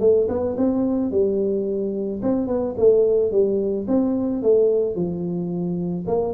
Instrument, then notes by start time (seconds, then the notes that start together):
tuba
0.00 A3
0.29 B3
0.57 C4
1.11 G3
2.23 C4
2.47 B3
2.77 A3
3.32 G3
3.88 C4
4.42 A3
4.95 F3
6.07 A#3